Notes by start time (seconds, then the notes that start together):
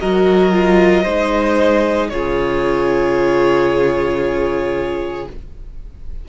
0.00 F#3 F#4 A#4 D#5
0.52 F4
1.03 G#3 D#4 C5
2.10 C#3 F4 G#4 C#5